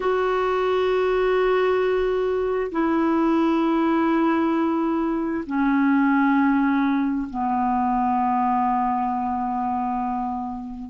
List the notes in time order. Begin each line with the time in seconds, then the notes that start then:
0.00 F#4
2.71 E4
5.46 C#4
7.30 B3